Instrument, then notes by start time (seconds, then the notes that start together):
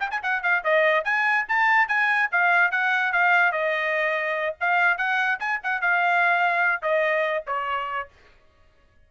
trumpet
0.00 G5
0.11 G#5
0.23 F#5
0.43 F5
0.64 D#5
1.05 G#5
1.48 A5
1.88 G#5
2.32 F5
2.71 F#5
3.13 F5
3.52 D#5
4.61 F5
4.97 F#5
5.40 G#5
5.63 F#5
5.81 F5
6.82 D#5
7.47 C#5